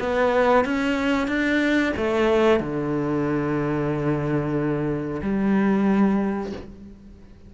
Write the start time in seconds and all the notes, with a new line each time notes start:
0.00 B3
0.65 C#4
1.28 D4
1.97 A3
2.61 D3
5.23 G3